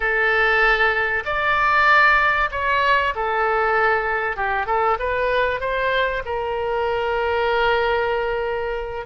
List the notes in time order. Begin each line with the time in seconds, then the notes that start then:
0.00 A4
1.25 D5
2.51 C#5
3.15 A4
4.36 G4
4.66 A4
4.99 B4
5.60 C5
6.25 A#4